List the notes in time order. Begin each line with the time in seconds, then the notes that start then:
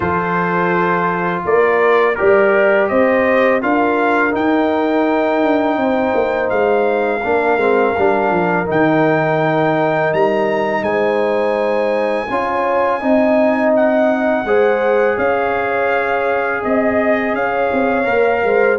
0.00 F3 F4 A4 C5
1.44 A#3 A#4 D5
2.15 G4 A#4 D5
2.21 G3
2.88 C4 C5 D#5
3.61 D4 F4 A#4 F5
4.31 D#4 G5
5.43 D4
5.76 C4 C5
6.14 A#3
6.49 G#3 F5
7.21 A#3 D4 A#4
7.56 G#3 C4
7.97 G3 D4
8.30 F3
8.65 D#3 D#4 G5
10.13 G3 A#5
10.81 G#3 C5 G#5
12.29 C#4 F4 C#5
13.00 C4 D#4 D#5
13.76 F#5
14.44 G#3 G#4 C5
15.16 C#4 C#5 F5
16.62 C4 D#5
17.33 C#4 C#5 F5
17.72 C4
18.03 A#3 A#4
18.43 G#3 C5